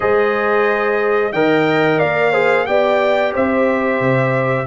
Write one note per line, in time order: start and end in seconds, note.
0.00 1.32 G#3
0.00 1.31 G#4
0.00 1.33 C5
0.00 1.32 D#5
1.32 1.99 D#3
1.32 2.32 A#4
1.32 1.98 D#5
1.32 1.99 G5
1.98 2.67 A#3
1.98 2.31 D5
1.98 2.65 F5
2.31 2.66 G#4
2.31 2.65 C5
2.66 3.34 B3
2.66 4.66 G4
2.66 3.33 D5
2.66 3.32 G5
3.33 4.00 C4
3.33 4.66 C5
3.33 4.66 E5
4.00 4.66 C3